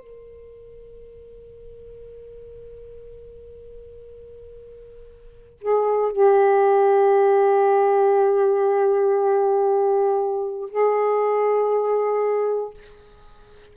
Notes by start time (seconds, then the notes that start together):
0.00 A#4
5.61 G#4
6.12 G4
10.70 G#4